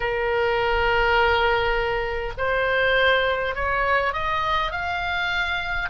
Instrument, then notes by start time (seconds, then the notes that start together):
oboe
0.00 A#4
2.37 C5
3.55 C#5
4.13 D#5
4.71 F5